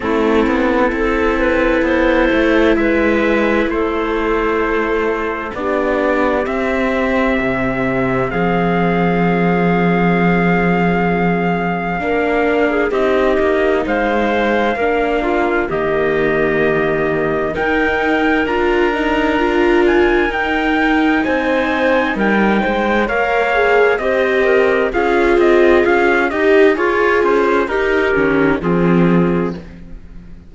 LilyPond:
<<
  \new Staff \with { instrumentName = "trumpet" } { \time 4/4 \tempo 4 = 65 a'2. e''4 | c''2 d''4 e''4~ | e''4 f''2.~ | f''2 dis''4 f''4~ |
f''4 dis''2 g''4 | ais''4. gis''8 g''4 gis''4 | g''4 f''4 dis''4 f''8 dis''8 | f''8 dis''8 cis''8 c''8 ais'4 gis'4 | }
  \new Staff \with { instrumentName = "clarinet" } { \time 4/4 e'4 a'8 b'8 c''4 b'4 | a'2 g'2~ | g'4 gis'2.~ | gis'4 ais'8. gis'16 g'4 c''4 |
ais'8 f'8 g'2 ais'4~ | ais'2. c''4 | ais'8 c''8 cis''4 c''8 ais'8 gis'4~ | gis'8 g'8 f'4 g'4 f'4 | }
  \new Staff \with { instrumentName = "viola" } { \time 4/4 c'4 e'2.~ | e'2 d'4 c'4~ | c'1~ | c'4 d'4 dis'2 |
d'4 ais2 dis'4 | f'8 dis'8 f'4 dis'2~ | dis'4 ais'8 gis'8 g'4 f'4~ | f'8 g'8 gis'4 dis'8 cis'8 c'4 | }
  \new Staff \with { instrumentName = "cello" } { \time 4/4 a8 b8 c'4 b8 a8 gis4 | a2 b4 c'4 | c4 f2.~ | f4 ais4 c'8 ais8 gis4 |
ais4 dis2 dis'4 | d'2 dis'4 c'4 | g8 gis8 ais4 c'4 cis'8 c'8 | cis'8 dis'8 f'8 cis'8 dis'8 dis8 f4 | }
>>